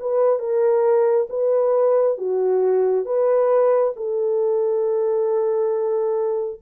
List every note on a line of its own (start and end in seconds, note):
0.00 0.39 B4
0.39 1.28 A#4
1.30 2.18 B4
2.18 3.05 F#4
3.05 3.93 B4
3.96 6.61 A4